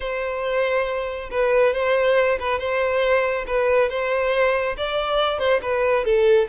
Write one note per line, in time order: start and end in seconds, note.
0.00 1.29 C5
1.30 1.73 B4
1.73 2.38 C5
2.39 2.59 B4
2.59 3.45 C5
3.46 3.89 B4
3.89 4.75 C5
4.77 5.38 D5
5.38 5.60 C5
5.62 6.05 B4
6.05 6.48 A4